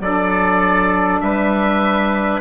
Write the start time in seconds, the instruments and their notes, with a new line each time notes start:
0.00 bassoon F#3, saxophone D4, trumpet A4, oboe D5
1.21 bassoon G3, trumpet B4, oboe E5